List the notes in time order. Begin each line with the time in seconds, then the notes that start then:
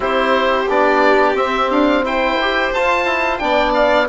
0.00 C4 E4 G4 C5
0.68 B3 D4 D5
1.34 C4 E5
1.70 D4 F5
2.03 E4 C5 G5
2.41 G4
2.73 F4 A5
3.06 E4
3.38 B3 D4 D5 G5
3.74 F5